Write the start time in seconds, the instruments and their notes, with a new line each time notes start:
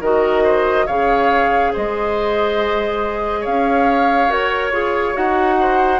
0.00 bassoon D#3, clarinet F#4, oboe A#4, flute D#5
0.43 oboe C5
0.86 bassoon C#3, clarinet G#4, oboe C#5, flute F5
1.72 bassoon G#3, oboe C5, flute D#5
3.40 bassoon C#4, oboe C#5, flute F5
4.27 bassoon F#4, clarinet A#4, flute C#5
4.71 bassoon F4, clarinet G#4
5.14 bassoon D#4, clarinet F#4, flute F#5
5.60 oboe C5